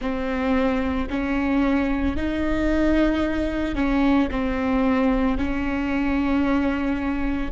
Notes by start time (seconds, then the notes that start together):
0.01 C4
1.09 C#4
2.16 D#4
3.75 C#4
4.31 C4
5.37 C#4